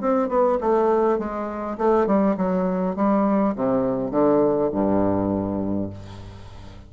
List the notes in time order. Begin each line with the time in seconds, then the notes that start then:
0.00 C4
0.28 B3
0.60 A3
1.18 G#3
1.77 A3
2.06 G3
2.37 F#3
2.95 G3
3.55 C3
4.11 D3
4.72 G2